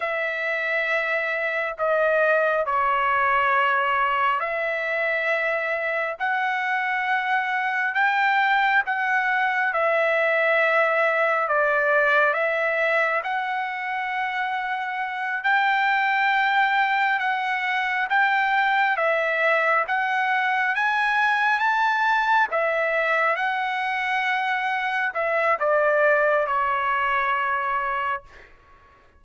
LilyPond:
\new Staff \with { instrumentName = "trumpet" } { \time 4/4 \tempo 4 = 68 e''2 dis''4 cis''4~ | cis''4 e''2 fis''4~ | fis''4 g''4 fis''4 e''4~ | e''4 d''4 e''4 fis''4~ |
fis''4. g''2 fis''8~ | fis''8 g''4 e''4 fis''4 gis''8~ | gis''8 a''4 e''4 fis''4.~ | fis''8 e''8 d''4 cis''2 | }